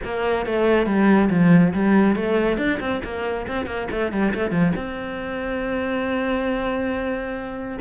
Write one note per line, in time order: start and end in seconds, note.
0.03 0.46 A#3
0.46 0.86 A3
0.86 1.29 G3
1.30 1.73 F3
1.73 2.15 G3
2.15 2.57 A3
2.57 2.79 D4
2.80 3.01 C4
3.03 3.46 A#3
3.47 3.66 C4
3.66 3.87 A#3
3.90 4.12 A3
4.12 4.33 G3
4.34 4.50 A3
4.50 4.72 F3
4.75 7.77 C4